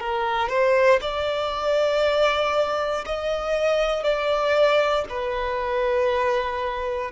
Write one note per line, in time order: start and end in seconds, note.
0.00 0.49 A#4
0.49 1.00 C5
1.02 3.05 D5
3.06 4.04 D#5
4.04 5.05 D5
5.09 7.12 B4